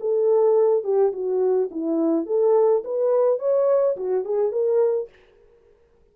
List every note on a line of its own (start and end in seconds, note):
0.00 0.83 A4
0.83 1.12 G4
1.12 1.69 F#4
1.71 2.26 E4
2.26 2.83 A4
2.84 3.39 B4
3.39 3.96 C#5
3.96 4.24 F#4
4.24 4.52 G#4
4.52 5.09 A#4